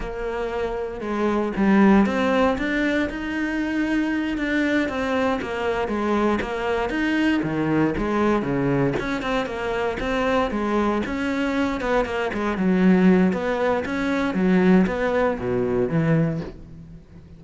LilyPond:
\new Staff \with { instrumentName = "cello" } { \time 4/4 \tempo 4 = 117 ais2 gis4 g4 | c'4 d'4 dis'2~ | dis'8 d'4 c'4 ais4 gis8~ | gis8 ais4 dis'4 dis4 gis8~ |
gis8 cis4 cis'8 c'8 ais4 c'8~ | c'8 gis4 cis'4. b8 ais8 | gis8 fis4. b4 cis'4 | fis4 b4 b,4 e4 | }